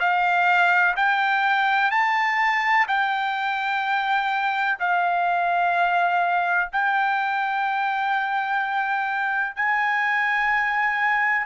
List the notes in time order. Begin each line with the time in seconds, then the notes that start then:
0.00 F5
0.97 G5
1.91 A5
2.88 G5
4.80 F5
6.72 G5
9.56 G#5